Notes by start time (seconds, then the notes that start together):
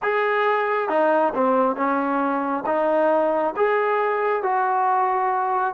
0.02 G#4
0.89 D#4
1.34 C4
1.76 C#4
2.66 D#4
3.56 G#4
4.42 F#4